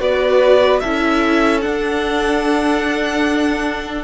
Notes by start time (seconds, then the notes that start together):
0.00 B3 F#4 B4 D5
0.80 C#4 E4 A4 E5
1.61 D4 F#5